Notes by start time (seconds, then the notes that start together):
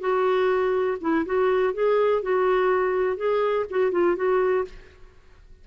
0.00 F#4
1.01 E4
1.25 F#4
1.73 G#4
2.22 F#4
3.17 G#4
3.70 F#4
3.92 F4
4.16 F#4